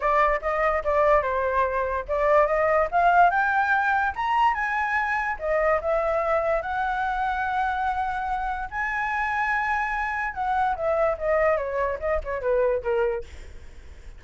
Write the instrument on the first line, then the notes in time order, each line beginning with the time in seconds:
flute
0.00 D5
0.41 D#5
0.84 D5
1.22 C5
2.07 D5
2.46 D#5
2.91 F5
3.30 G5
4.15 A#5
4.53 G#5
5.39 D#5
5.81 E5
6.62 F#5
8.70 G#5
10.34 F#5
10.75 E5
11.17 D#5
11.57 C#5
11.99 D#5
12.24 C#5
12.41 B4
12.82 A#4